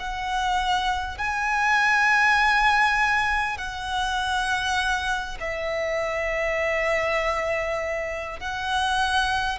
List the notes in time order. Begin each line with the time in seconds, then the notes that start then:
0.00 F#5
1.18 G#5
3.58 F#5
5.41 E5
8.41 F#5